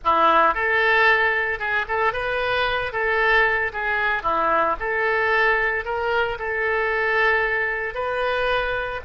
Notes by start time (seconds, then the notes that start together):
0.04 E4
0.54 A4
1.59 G#4
1.88 A4
2.12 B4
2.92 A4
3.72 G#4
4.22 E4
4.79 A4
5.85 A#4
6.38 A4
7.94 B4